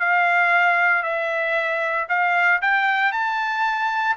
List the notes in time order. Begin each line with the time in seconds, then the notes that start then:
0.00 F5
1.03 E5
2.09 F5
2.62 G5
3.12 A5